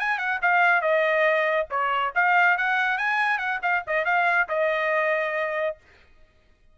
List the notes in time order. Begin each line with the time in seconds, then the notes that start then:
0.00 G#5
0.19 F#5
0.42 F5
0.82 D#5
1.70 C#5
2.15 F5
2.58 F#5
2.98 G#5
3.39 F#5
3.63 F5
3.88 D#5
4.06 F5
4.49 D#5